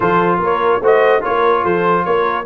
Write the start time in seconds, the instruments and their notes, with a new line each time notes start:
0.00 tuba F3, trombone F4, horn A4, trumpet C5
0.38 tuba A#3, horn A#4, trumpet C#5
0.81 tuba A3, trombone F#4, horn C5, trumpet D#5
1.21 tuba A#3, trombone F4, horn A#4, trumpet C#5
1.63 tuba F3, horn A4, trumpet C5
2.04 tuba A#3, horn A#4, trumpet C#5